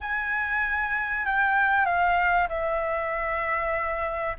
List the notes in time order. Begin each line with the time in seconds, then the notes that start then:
0.01 G#5
1.25 G5
1.85 F5
2.49 E5